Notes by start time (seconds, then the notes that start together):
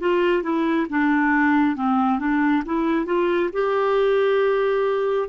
0.00 F4
0.43 E4
0.89 D4
1.76 C4
2.19 D4
2.65 E4
3.06 F4
3.53 G4